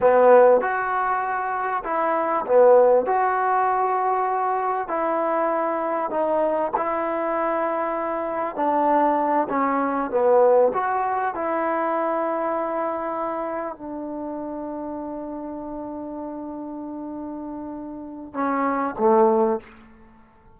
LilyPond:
\new Staff \with { instrumentName = "trombone" } { \time 4/4 \tempo 4 = 98 b4 fis'2 e'4 | b4 fis'2. | e'2 dis'4 e'4~ | e'2 d'4. cis'8~ |
cis'8 b4 fis'4 e'4.~ | e'2~ e'8 d'4.~ | d'1~ | d'2 cis'4 a4 | }